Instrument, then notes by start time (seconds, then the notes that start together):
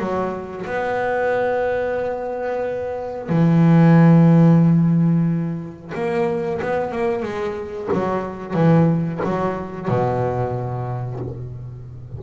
double bass
0.00 F#3
0.66 B3
3.29 E3
5.95 A#3
6.62 B3
6.92 A#3
7.23 G#3
7.94 F#3
8.54 E3
9.24 F#3
9.88 B2